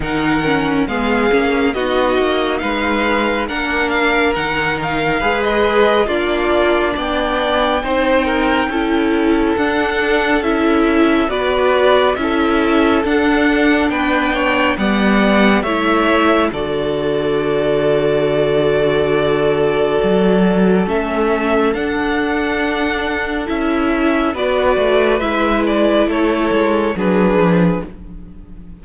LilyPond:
<<
  \new Staff \with { instrumentName = "violin" } { \time 4/4 \tempo 4 = 69 fis''4 f''4 dis''4 f''4 | fis''8 f''8 fis''8 f''8. dis''8. d''4 | g''2. fis''4 | e''4 d''4 e''4 fis''4 |
g''4 fis''4 e''4 d''4~ | d''1 | e''4 fis''2 e''4 | d''4 e''8 d''8 cis''4 b'4 | }
  \new Staff \with { instrumentName = "violin" } { \time 4/4 ais'4 gis'4 fis'4 b'4 | ais'2 b'4 f'4 | d''4 c''8 ais'8 a'2~ | a'4 b'4 a'2 |
b'8 cis''8 d''4 cis''4 a'4~ | a'1~ | a'1 | b'2 a'4 gis'4 | }
  \new Staff \with { instrumentName = "viola" } { \time 4/4 dis'8 cis'8 b8 cis'8 dis'2 | d'4 dis'4 gis'4 d'4~ | d'4 dis'4 e'4 d'4 | e'4 fis'4 e'4 d'4~ |
d'4 b4 e'4 fis'4~ | fis'1 | cis'4 d'2 e'4 | fis'4 e'2 d'4 | }
  \new Staff \with { instrumentName = "cello" } { \time 4/4 dis4 gis8 ais8 b8 ais8 gis4 | ais4 dis4 gis4 ais4 | b4 c'4 cis'4 d'4 | cis'4 b4 cis'4 d'4 |
b4 g4 a4 d4~ | d2. fis4 | a4 d'2 cis'4 | b8 a8 gis4 a8 gis8 fis8 f8 | }
>>